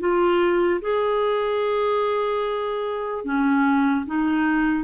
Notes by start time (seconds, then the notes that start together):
0.00 F4
0.81 G#4
3.25 C#4
4.07 D#4